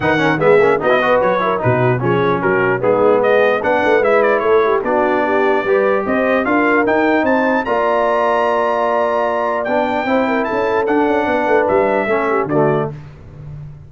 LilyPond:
<<
  \new Staff \with { instrumentName = "trumpet" } { \time 4/4 \tempo 4 = 149 fis''4 e''4 dis''4 cis''4 | b'4 cis''4 ais'4 gis'4 | dis''4 fis''4 e''8 d''8 cis''4 | d''2. dis''4 |
f''4 g''4 a''4 ais''4~ | ais''1 | g''2 a''4 fis''4~ | fis''4 e''2 d''4 | }
  \new Staff \with { instrumentName = "horn" } { \time 4/4 b'8 ais'8 gis'4 fis'8 b'4 ais'8 | fis'4 gis'4 fis'4 dis'4 | gis'4 b'2 a'8 g'8 | fis'4 g'4 b'4 c''4 |
ais'2 c''4 d''4~ | d''1~ | d''4 c''8 ais'8 a'2 | b'2 a'8 g'8 fis'4 | }
  \new Staff \with { instrumentName = "trombone" } { \time 4/4 dis'8 cis'8 b8 cis'8 dis'16 e'16 fis'4 e'8 | dis'4 cis'2 b4~ | b4 d'4 e'2 | d'2 g'2 |
f'4 dis'2 f'4~ | f'1 | d'4 e'2 d'4~ | d'2 cis'4 a4 | }
  \new Staff \with { instrumentName = "tuba" } { \time 4/4 dis4 gis8 ais8 b4 fis4 | b,4 f4 fis4 gis4~ | gis4 b8 a8 gis4 a4 | b2 g4 c'4 |
d'4 dis'4 c'4 ais4~ | ais1 | b4 c'4 cis'4 d'8 cis'8 | b8 a8 g4 a4 d4 | }
>>